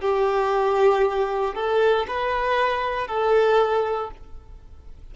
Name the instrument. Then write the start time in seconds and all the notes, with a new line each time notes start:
violin
0.00 G4
1.54 A4
2.07 B4
3.07 A4